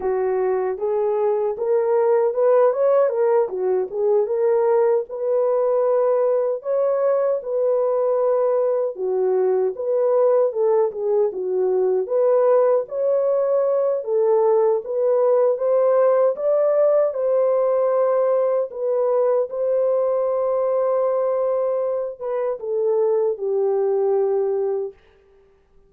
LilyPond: \new Staff \with { instrumentName = "horn" } { \time 4/4 \tempo 4 = 77 fis'4 gis'4 ais'4 b'8 cis''8 | ais'8 fis'8 gis'8 ais'4 b'4.~ | b'8 cis''4 b'2 fis'8~ | fis'8 b'4 a'8 gis'8 fis'4 b'8~ |
b'8 cis''4. a'4 b'4 | c''4 d''4 c''2 | b'4 c''2.~ | c''8 b'8 a'4 g'2 | }